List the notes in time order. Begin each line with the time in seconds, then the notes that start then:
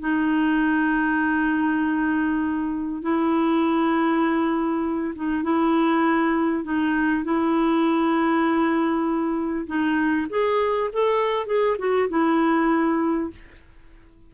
0.00 D#4
3.02 E4
5.15 D#4
5.43 E4
6.64 D#4
7.24 E4
9.66 D#4
10.29 G#4
10.93 A4
11.46 G#4
11.79 F#4
12.09 E4